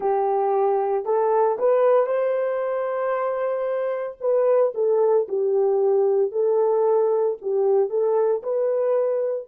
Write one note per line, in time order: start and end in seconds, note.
0.00 1.05 G4
1.05 1.57 A4
1.58 2.06 B4
2.06 4.17 C5
4.20 4.73 B4
4.74 5.27 A4
5.28 6.32 G4
6.32 7.37 A4
7.41 7.89 G4
7.89 8.42 A4
8.43 9.47 B4